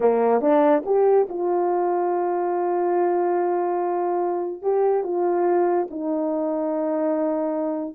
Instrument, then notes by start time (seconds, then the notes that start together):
horn
0.00 A#3
0.41 D4
0.85 G4
1.29 F4
4.62 G4
5.03 F4
5.90 D#4